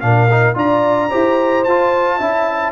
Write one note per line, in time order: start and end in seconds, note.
0.00 0.56 A#2
0.00 0.29 D4
0.00 0.56 A#4
0.00 0.55 F5
0.30 0.54 D#4
0.54 1.10 D4
0.54 1.09 F4
0.54 1.10 D5
0.54 1.64 A#5
1.10 1.67 E4
1.10 1.65 G4
1.10 2.17 C5
1.64 2.19 F4
1.64 2.20 F4
1.64 2.72 A5
2.17 2.72 C#4
2.17 2.72 E4
2.17 2.71 E5